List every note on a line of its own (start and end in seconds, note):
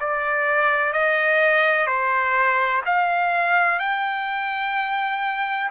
0.00 0.93 D5
0.93 1.87 D#5
1.87 2.82 C5
2.86 3.79 F5
3.79 5.70 G5